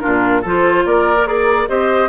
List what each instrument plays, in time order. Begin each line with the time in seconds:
0.00 bassoon A#2, clarinet D4, oboe F4, flute A#4
0.42 bassoon F3, clarinet F4, oboe A4, flute C5
0.85 bassoon A#3, oboe A#4, flute D5
1.18 clarinet A#4
1.27 clarinet G#4, flute A#4, oboe D5
1.68 bassoon C4, clarinet G4, oboe C5, flute D#5